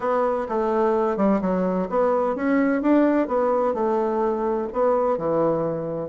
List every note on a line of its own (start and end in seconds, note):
0.00 0.47 B3
0.48 1.16 A3
1.16 1.40 G3
1.41 1.88 F#3
1.89 2.35 B3
2.35 2.82 C#4
2.82 3.27 D4
3.27 3.74 B3
3.74 4.67 A3
4.72 5.17 B3
5.17 6.09 E3